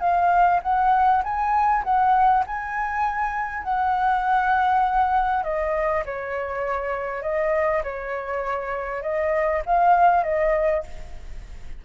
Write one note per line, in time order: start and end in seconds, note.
0.00 0.60 F5
0.62 1.22 F#5
1.23 1.83 G#5
1.84 2.44 F#5
2.46 3.63 G#5
3.63 5.43 F#5
5.43 6.03 D#5
6.05 7.22 C#5
7.22 7.82 D#5
7.83 9.02 C#5
9.02 9.62 D#5
9.66 10.23 F5
10.23 10.83 D#5